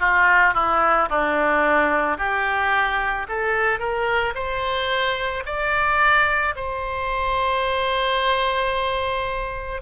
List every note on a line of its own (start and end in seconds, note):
0.00 0.55 F4
0.55 1.09 E4
1.10 2.18 D4
2.18 3.27 G4
3.28 3.79 A4
3.79 4.34 A#4
4.35 5.44 C5
5.46 6.55 D5
6.56 9.82 C5